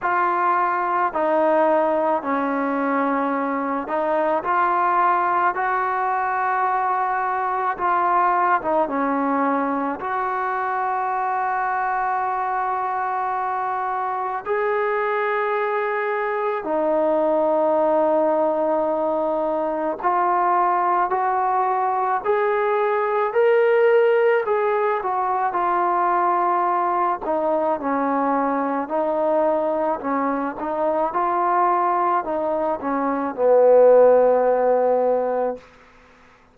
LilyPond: \new Staff \with { instrumentName = "trombone" } { \time 4/4 \tempo 4 = 54 f'4 dis'4 cis'4. dis'8 | f'4 fis'2 f'8. dis'16 | cis'4 fis'2.~ | fis'4 gis'2 dis'4~ |
dis'2 f'4 fis'4 | gis'4 ais'4 gis'8 fis'8 f'4~ | f'8 dis'8 cis'4 dis'4 cis'8 dis'8 | f'4 dis'8 cis'8 b2 | }